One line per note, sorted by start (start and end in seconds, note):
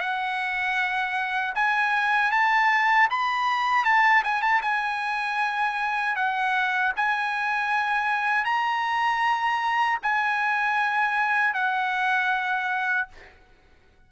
0.00 1.54 F#5
1.55 2.31 G#5
2.31 3.08 A5
3.10 3.85 B5
3.85 4.23 A5
4.24 4.42 G#5
4.42 4.61 A5
4.62 6.16 G#5
6.16 6.93 F#5
6.96 8.45 G#5
8.45 9.99 A#5
10.03 11.54 G#5
11.54 13.08 F#5